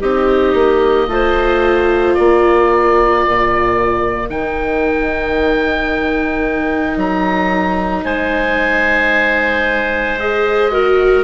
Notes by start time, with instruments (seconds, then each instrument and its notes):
0.00 bassoon C4, viola D#4, clarinet G4, oboe D#5
0.54 bassoon A#3
1.08 bassoon A3, viola F4, clarinet C5
2.14 bassoon A#3, clarinet A#4, oboe D5
3.27 bassoon A#2
4.29 bassoon D#3, viola D#4, oboe G5
6.96 bassoon F#3, oboe A#5
8.04 bassoon G#3, clarinet C5, oboe G#5
10.19 viola G#4, oboe D#5
10.71 viola F#4, clarinet A#4